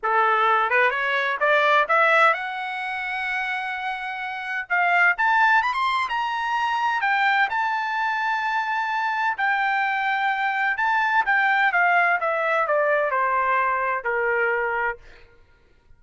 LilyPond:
\new Staff \with { instrumentName = "trumpet" } { \time 4/4 \tempo 4 = 128 a'4. b'8 cis''4 d''4 | e''4 fis''2.~ | fis''2 f''4 a''4 | b''16 c'''8. ais''2 g''4 |
a''1 | g''2. a''4 | g''4 f''4 e''4 d''4 | c''2 ais'2 | }